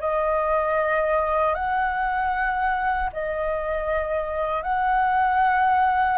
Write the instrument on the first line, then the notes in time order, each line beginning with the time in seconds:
flute
0.00 D#5
1.54 F#5
3.13 D#5
4.63 F#5